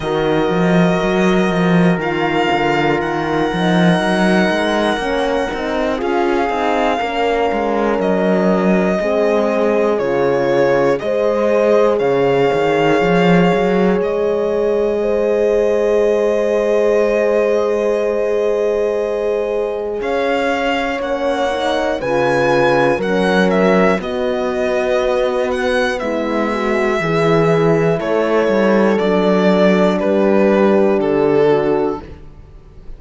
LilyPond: <<
  \new Staff \with { instrumentName = "violin" } { \time 4/4 \tempo 4 = 60 dis''2 f''4 fis''4~ | fis''2 f''2 | dis''2 cis''4 dis''4 | f''2 dis''2~ |
dis''1 | f''4 fis''4 gis''4 fis''8 e''8 | dis''4. fis''8 e''2 | cis''4 d''4 b'4 a'4 | }
  \new Staff \with { instrumentName = "horn" } { \time 4/4 ais'1~ | ais'2 gis'4 ais'4~ | ais'4 gis'2 c''4 | cis''2. c''4~ |
c''1 | cis''2 b'4 ais'4 | fis'2 e'8 fis'8 gis'4 | a'2 g'4. fis'8 | }
  \new Staff \with { instrumentName = "horn" } { \time 4/4 fis'2 f'4. dis'8~ | dis'4 cis'8 dis'8 f'8 dis'8 cis'4~ | cis'4 c'4 f'4 gis'4~ | gis'1~ |
gis'1~ | gis'4 cis'8 dis'8 f'4 cis'4 | b2. e'4~ | e'4 d'2. | }
  \new Staff \with { instrumentName = "cello" } { \time 4/4 dis8 f8 fis8 f8 dis8 d8 dis8 f8 | fis8 gis8 ais8 c'8 cis'8 c'8 ais8 gis8 | fis4 gis4 cis4 gis4 | cis8 dis8 f8 fis8 gis2~ |
gis1 | cis'4 ais4 cis4 fis4 | b2 gis4 e4 | a8 g8 fis4 g4 d4 | }
>>